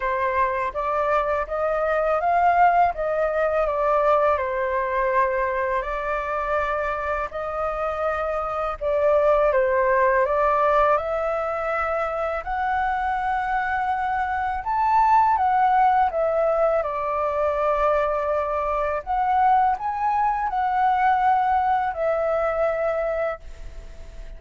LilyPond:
\new Staff \with { instrumentName = "flute" } { \time 4/4 \tempo 4 = 82 c''4 d''4 dis''4 f''4 | dis''4 d''4 c''2 | d''2 dis''2 | d''4 c''4 d''4 e''4~ |
e''4 fis''2. | a''4 fis''4 e''4 d''4~ | d''2 fis''4 gis''4 | fis''2 e''2 | }